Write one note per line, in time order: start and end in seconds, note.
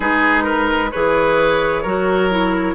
0.00 0.92 G#3
0.00 0.89 D#4
0.00 0.43 G#4
0.00 0.91 B4
0.43 0.89 A#4
0.91 1.84 E3
0.91 1.85 G#4
0.91 1.82 B4
0.91 2.75 C#5
1.82 2.75 F#3
1.82 2.30 F#4
1.82 2.74 A#4
2.30 2.75 E4